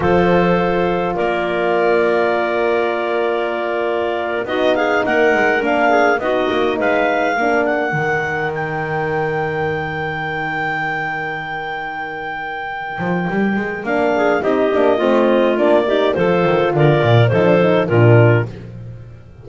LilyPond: <<
  \new Staff \with { instrumentName = "clarinet" } { \time 4/4 \tempo 4 = 104 c''2 d''2~ | d''2.~ d''8. dis''16~ | dis''16 f''8 fis''4 f''4 dis''4 f''16~ | f''4~ f''16 fis''4. g''4~ g''16~ |
g''1~ | g''1 | f''4 dis''2 d''4 | c''4 d''4 c''4 ais'4 | }
  \new Staff \with { instrumentName = "clarinet" } { \time 4/4 a'2 ais'2~ | ais'2.~ ais'8. fis'16~ | fis'16 gis'8 ais'4. gis'8 fis'4 b'16~ | b'8. ais'2.~ ais'16~ |
ais'1~ | ais'1~ | ais'8 gis'8 g'4 f'4. g'8 | a'4 ais'4 a'4 f'4 | }
  \new Staff \with { instrumentName = "horn" } { \time 4/4 f'1~ | f'2.~ f'8. dis'16~ | dis'4.~ dis'16 d'4 dis'4~ dis'16~ | dis'8. d'4 dis'2~ dis'16~ |
dis'1~ | dis'1 | d'4 dis'8 d'8 c'4 d'8 dis'8 | f'2 dis'16 d'16 dis'8 d'4 | }
  \new Staff \with { instrumentName = "double bass" } { \time 4/4 f2 ais2~ | ais2.~ ais8. b16~ | b8. ais8 gis8 ais4 b8 ais8 gis16~ | gis8. ais4 dis2~ dis16~ |
dis1~ | dis2~ dis8 f8 g8 gis8 | ais4 c'8 ais8 a4 ais4 | f8 dis8 d8 ais,8 f4 ais,4 | }
>>